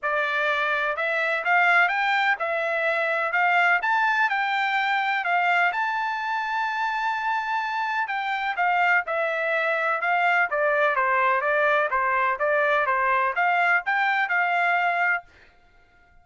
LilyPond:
\new Staff \with { instrumentName = "trumpet" } { \time 4/4 \tempo 4 = 126 d''2 e''4 f''4 | g''4 e''2 f''4 | a''4 g''2 f''4 | a''1~ |
a''4 g''4 f''4 e''4~ | e''4 f''4 d''4 c''4 | d''4 c''4 d''4 c''4 | f''4 g''4 f''2 | }